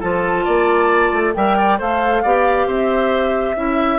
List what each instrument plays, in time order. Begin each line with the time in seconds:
0.00 bassoon F3, clarinet F4, oboe A4, flute A5
0.45 bassoon A#3, oboe D5
1.12 bassoon A3
1.35 bassoon G3, clarinet A#4, oboe E5, flute G5
1.57 oboe D5
1.79 bassoon A3, clarinet A4, oboe C5, flute F5
2.23 bassoon B3, clarinet G4, oboe D5
2.67 bassoon C4, oboe C5, flute E5
3.56 bassoon C#4, clarinet E4, oboe E5